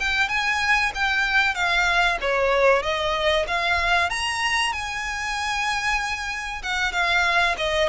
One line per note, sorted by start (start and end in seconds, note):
0.00 0.29 G5
0.29 0.92 G#5
0.95 1.55 G5
1.55 2.18 F5
2.21 2.83 C#5
2.83 3.46 D#5
3.48 4.10 F5
4.10 4.73 A#5
4.73 6.63 G#5
6.63 6.92 F#5
6.92 7.56 F5
7.58 7.89 D#5